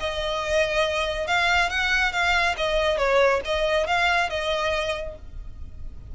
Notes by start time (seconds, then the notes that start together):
0.00 D#5
1.28 F5
1.70 F#5
2.13 F5
2.58 D#5
2.98 C#5
3.45 D#5
3.87 F5
4.30 D#5